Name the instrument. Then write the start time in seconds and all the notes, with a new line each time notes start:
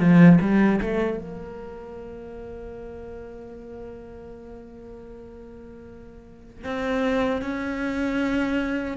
cello
0.00 F3
0.41 G3
0.81 A3
1.19 A#3
6.64 C4
7.42 C#4